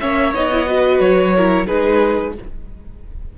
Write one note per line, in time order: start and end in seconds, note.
0.00 0.34 A#3
0.00 0.33 C#4
0.00 0.68 C#5
0.00 0.33 E5
0.33 0.99 B3
0.33 0.50 D#4
0.33 1.00 D#5
0.52 0.66 E4
0.66 1.33 F#4
0.66 1.35 B4
0.99 1.66 F#3
0.99 1.66 C#5
1.35 1.67 E4
1.35 1.67 A#4
1.67 2.38 G#3
1.67 2.33 D#4
1.67 2.33 G#4
1.67 2.33 B4